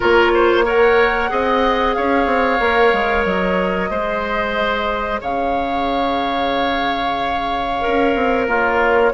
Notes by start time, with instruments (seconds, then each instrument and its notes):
0.00 bassoon A#3, clarinet F4, oboe A#4, flute C#5
0.34 oboe C5
0.64 clarinet A#4, oboe C#5, flute F#5
1.29 bassoon C4, clarinet G#4, oboe D#5
1.93 bassoon C#4, oboe C#5, flute F5
2.26 bassoon C4
2.60 bassoon A#3, clarinet A#4
2.92 bassoon G#3
3.25 bassoon F#3, flute D#5
3.90 bassoon G#3, clarinet G#4, oboe C5
5.20 bassoon C#3, oboe C#5, flute F5
7.80 bassoon C#4, clarinet A#4
8.15 bassoon C4
8.47 bassoon A#3, oboe F4, flute C#5